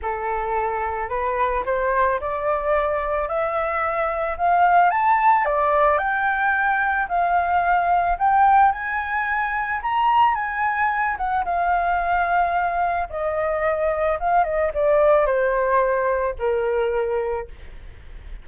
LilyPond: \new Staff \with { instrumentName = "flute" } { \time 4/4 \tempo 4 = 110 a'2 b'4 c''4 | d''2 e''2 | f''4 a''4 d''4 g''4~ | g''4 f''2 g''4 |
gis''2 ais''4 gis''4~ | gis''8 fis''8 f''2. | dis''2 f''8 dis''8 d''4 | c''2 ais'2 | }